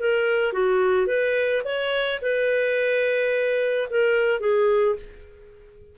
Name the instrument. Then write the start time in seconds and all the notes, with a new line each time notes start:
clarinet
0.00 A#4
0.53 F#4
1.07 B4
1.65 C#5
2.22 B4
3.90 A#4
4.40 G#4